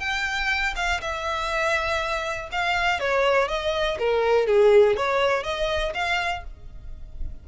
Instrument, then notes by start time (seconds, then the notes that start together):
violin
0.00 G5
0.76 F5
1.01 E5
2.52 F5
3.00 C#5
3.48 D#5
3.99 A#4
4.47 G#4
4.97 C#5
5.44 D#5
5.94 F5